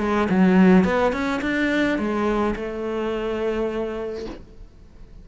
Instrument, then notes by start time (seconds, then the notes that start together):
cello
0.00 G#3
0.30 F#3
0.85 B3
1.13 C#4
1.42 D4
1.99 G#3
2.56 A3